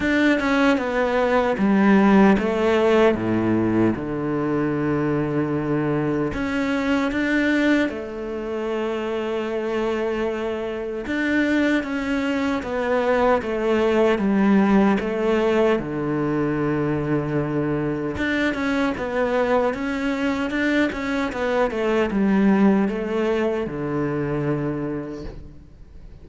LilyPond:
\new Staff \with { instrumentName = "cello" } { \time 4/4 \tempo 4 = 76 d'8 cis'8 b4 g4 a4 | a,4 d2. | cis'4 d'4 a2~ | a2 d'4 cis'4 |
b4 a4 g4 a4 | d2. d'8 cis'8 | b4 cis'4 d'8 cis'8 b8 a8 | g4 a4 d2 | }